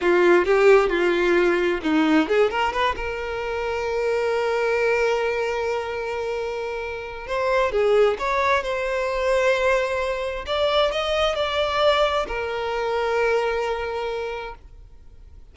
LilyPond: \new Staff \with { instrumentName = "violin" } { \time 4/4 \tempo 4 = 132 f'4 g'4 f'2 | dis'4 gis'8 ais'8 b'8 ais'4.~ | ais'1~ | ais'1 |
c''4 gis'4 cis''4 c''4~ | c''2. d''4 | dis''4 d''2 ais'4~ | ais'1 | }